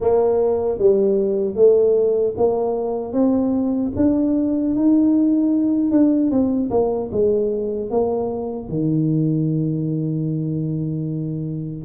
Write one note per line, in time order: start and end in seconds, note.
0.00 0.78 A#3
0.78 1.55 G3
1.55 2.34 A3
2.36 3.13 A#3
3.13 3.92 C4
3.96 4.75 D4
4.75 5.91 D#4
5.91 6.30 D4
6.30 6.70 C4
6.70 7.09 A#3
7.11 7.90 G#3
7.90 8.68 A#3
8.68 11.84 D#3